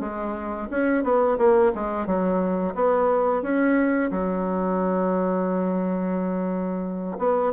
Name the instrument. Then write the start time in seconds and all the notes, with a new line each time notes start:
bassoon
0.00 G#3
0.71 C#4
1.04 B3
1.38 A#3
1.75 G#3
2.06 F#3
2.75 B3
3.42 C#4
4.11 F#3
7.19 B3